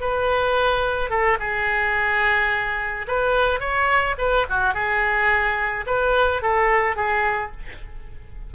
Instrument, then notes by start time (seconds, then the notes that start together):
oboe
0.00 B4
1.09 A4
1.39 G#4
3.07 B4
3.59 C#5
4.18 B4
4.49 F#4
4.74 G#4
5.86 B4
6.42 A4
6.95 G#4